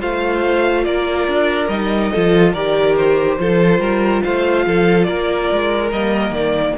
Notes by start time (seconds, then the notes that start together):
0.00 A3 F4 C5 F5
0.85 A#3 A#4 D5
1.29 D4
1.68 G3 D#4 D#5
2.13 F3 F4 A4
2.53 D#3 G4 A#4 D5
2.97 C5
3.39 F3 F4 A4
3.80 G3 A#4
4.24 A3 C5 F5
4.67 F3 A4
5.04 A#3 A#4 D5
5.53 G#3
5.92 G3 A#3 D#5
6.31 D#3 D5